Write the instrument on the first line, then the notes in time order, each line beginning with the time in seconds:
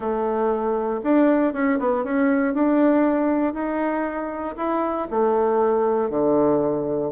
bassoon
0.00 A3
1.03 D4
1.53 C#4
1.79 B3
2.03 C#4
2.54 D4
3.53 D#4
4.56 E4
5.10 A3
6.10 D3